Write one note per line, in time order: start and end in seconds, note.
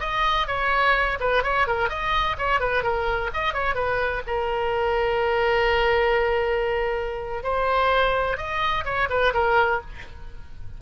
0.00 0.47 D#5
0.47 1.18 C#5
1.20 1.43 B4
1.43 1.67 C#5
1.67 1.89 A#4
1.89 2.36 D#5
2.38 2.60 C#5
2.60 2.83 B4
2.83 3.30 A#4
3.33 3.54 D#5
3.54 3.75 C#5
3.75 4.22 B4
4.26 7.43 A#4
7.43 8.37 C5
8.37 8.84 D#5
8.85 9.08 C#5
9.10 9.33 B4
9.33 9.81 A#4